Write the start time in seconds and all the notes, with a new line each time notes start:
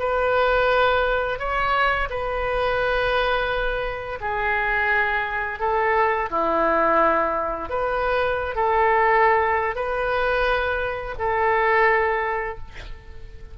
0.00 B4
1.40 C#5
2.10 B4
4.21 G#4
5.60 A4
6.31 E4
7.70 B4
8.56 A4
9.76 B4
11.19 A4